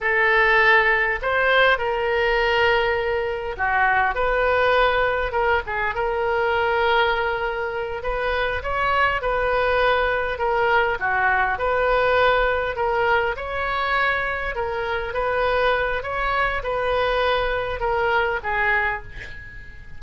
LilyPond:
\new Staff \with { instrumentName = "oboe" } { \time 4/4 \tempo 4 = 101 a'2 c''4 ais'4~ | ais'2 fis'4 b'4~ | b'4 ais'8 gis'8 ais'2~ | ais'4. b'4 cis''4 b'8~ |
b'4. ais'4 fis'4 b'8~ | b'4. ais'4 cis''4.~ | cis''8 ais'4 b'4. cis''4 | b'2 ais'4 gis'4 | }